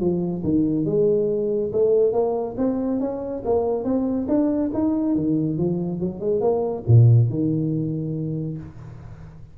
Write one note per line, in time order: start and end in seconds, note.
0.00 0.43 F3
0.43 0.85 D#3
0.85 1.71 G#3
1.72 2.12 A3
2.12 2.55 A#3
2.57 3.00 C4
3.00 3.43 C#4
3.45 3.84 A#3
3.84 4.27 C4
4.28 4.71 D4
4.73 5.15 D#4
5.15 5.57 D#3
5.57 6.00 F3
6.00 6.20 F#3
6.20 6.40 G#3
6.40 6.83 A#3
6.87 7.29 A#2
7.29 8.58 D#3